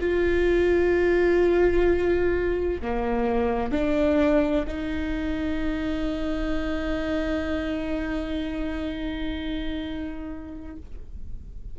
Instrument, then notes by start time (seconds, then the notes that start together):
viola
0.00 F4
2.82 A#3
3.72 D4
4.67 D#4